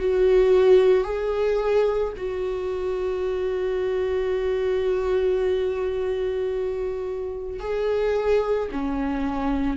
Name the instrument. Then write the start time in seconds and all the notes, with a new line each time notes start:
viola
0.00 F#4
1.04 G#4
2.17 F#4
7.60 G#4
8.72 C#4